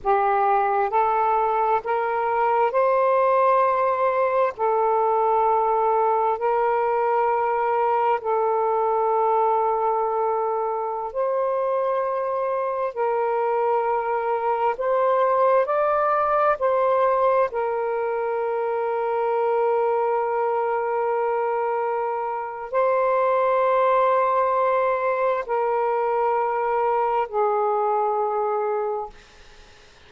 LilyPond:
\new Staff \with { instrumentName = "saxophone" } { \time 4/4 \tempo 4 = 66 g'4 a'4 ais'4 c''4~ | c''4 a'2 ais'4~ | ais'4 a'2.~ | a'16 c''2 ais'4.~ ais'16~ |
ais'16 c''4 d''4 c''4 ais'8.~ | ais'1~ | ais'4 c''2. | ais'2 gis'2 | }